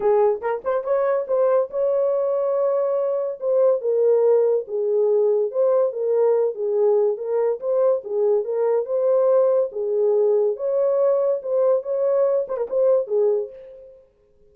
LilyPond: \new Staff \with { instrumentName = "horn" } { \time 4/4 \tempo 4 = 142 gis'4 ais'8 c''8 cis''4 c''4 | cis''1 | c''4 ais'2 gis'4~ | gis'4 c''4 ais'4. gis'8~ |
gis'4 ais'4 c''4 gis'4 | ais'4 c''2 gis'4~ | gis'4 cis''2 c''4 | cis''4. c''16 ais'16 c''4 gis'4 | }